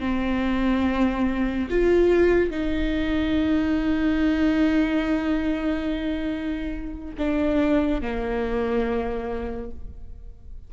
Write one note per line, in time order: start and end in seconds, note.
0.00 1.69 C4
1.71 2.50 F4
2.50 7.15 D#4
7.18 8.02 D4
8.02 9.71 A#3